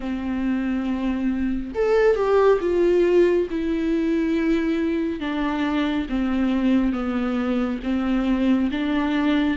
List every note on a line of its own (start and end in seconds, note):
0.00 1.72 C4
1.74 2.15 A4
2.15 2.58 G4
2.60 3.47 F4
3.50 5.20 E4
5.20 6.07 D4
6.09 6.92 C4
6.92 7.79 B3
7.83 8.70 C4
8.71 9.57 D4